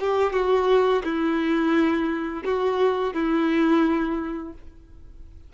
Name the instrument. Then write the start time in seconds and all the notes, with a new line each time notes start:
violin
0.00 G4
0.33 F#4
1.04 E4
2.45 F#4
3.13 E4